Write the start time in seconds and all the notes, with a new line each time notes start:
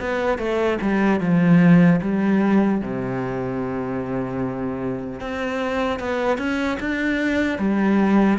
0.00 B3
0.39 A3
0.82 G3
1.20 F3
2.02 G3
2.81 C3
5.20 C4
6.00 B3
6.38 C#4
6.80 D4
7.59 G3